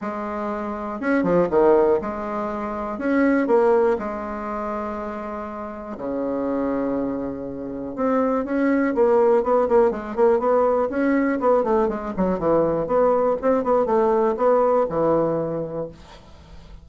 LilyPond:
\new Staff \with { instrumentName = "bassoon" } { \time 4/4 \tempo 4 = 121 gis2 cis'8 f8 dis4 | gis2 cis'4 ais4 | gis1 | cis1 |
c'4 cis'4 ais4 b8 ais8 | gis8 ais8 b4 cis'4 b8 a8 | gis8 fis8 e4 b4 c'8 b8 | a4 b4 e2 | }